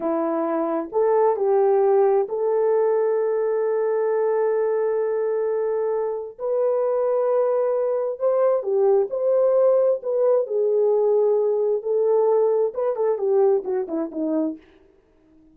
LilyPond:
\new Staff \with { instrumentName = "horn" } { \time 4/4 \tempo 4 = 132 e'2 a'4 g'4~ | g'4 a'2.~ | a'1~ | a'2 b'2~ |
b'2 c''4 g'4 | c''2 b'4 gis'4~ | gis'2 a'2 | b'8 a'8 g'4 fis'8 e'8 dis'4 | }